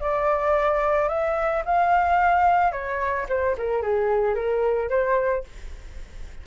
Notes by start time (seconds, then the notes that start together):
0.00 D5
1.09 E5
1.65 F5
2.72 C#5
3.29 C5
3.58 A#4
3.82 G#4
4.35 A#4
4.89 C5